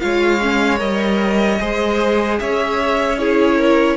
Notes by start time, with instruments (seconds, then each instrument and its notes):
0.00 cello G#3, viola F4, violin C#5 F5
0.41 viola C#4
0.78 cello G3, viola A#4, violin D#5
1.59 cello G#3, viola G#4, violin C5
2.39 cello C#4, violin C#5 E5
3.18 viola E4, violin G#4 C#5
3.58 violin A#4